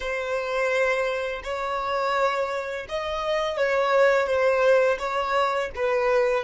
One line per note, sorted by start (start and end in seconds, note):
0.00 1.42 C5
1.43 2.86 C#5
2.88 3.57 D#5
3.57 4.26 C#5
4.26 4.98 C5
4.98 5.69 C#5
5.75 6.44 B4